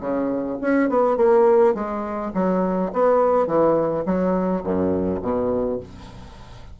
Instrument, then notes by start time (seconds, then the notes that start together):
bassoon
0.00 C#3
0.61 C#4
0.89 B3
1.17 A#3
1.74 G#3
2.34 F#3
2.93 B3
3.47 E3
4.06 F#3
4.64 F#2
5.22 B2